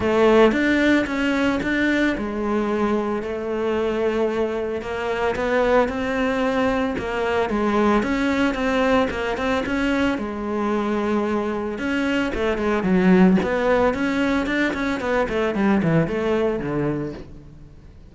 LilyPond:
\new Staff \with { instrumentName = "cello" } { \time 4/4 \tempo 4 = 112 a4 d'4 cis'4 d'4 | gis2 a2~ | a4 ais4 b4 c'4~ | c'4 ais4 gis4 cis'4 |
c'4 ais8 c'8 cis'4 gis4~ | gis2 cis'4 a8 gis8 | fis4 b4 cis'4 d'8 cis'8 | b8 a8 g8 e8 a4 d4 | }